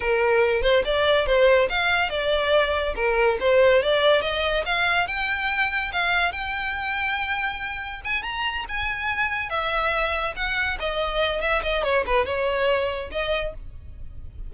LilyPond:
\new Staff \with { instrumentName = "violin" } { \time 4/4 \tempo 4 = 142 ais'4. c''8 d''4 c''4 | f''4 d''2 ais'4 | c''4 d''4 dis''4 f''4 | g''2 f''4 g''4~ |
g''2. gis''8 ais''8~ | ais''8 gis''2 e''4.~ | e''8 fis''4 dis''4. e''8 dis''8 | cis''8 b'8 cis''2 dis''4 | }